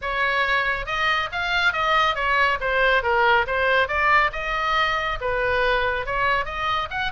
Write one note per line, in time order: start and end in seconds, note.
0.01 0.86 C#5
0.86 1.29 D#5
1.31 1.72 F5
1.72 2.15 D#5
2.15 2.58 C#5
2.60 3.02 C5
3.02 3.45 A#4
3.46 3.87 C5
3.87 4.30 D5
4.32 5.19 D#5
5.20 6.06 B4
6.06 6.45 C#5
6.45 6.88 D#5
6.90 7.11 F#5